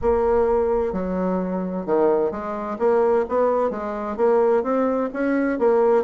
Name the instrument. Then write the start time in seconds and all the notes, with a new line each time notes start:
bassoon
0.01 A#3
0.93 F#3
1.85 D#3
2.31 G#3
2.78 A#3
3.28 B3
3.70 G#3
4.16 A#3
4.63 C4
5.13 C#4
5.58 A#3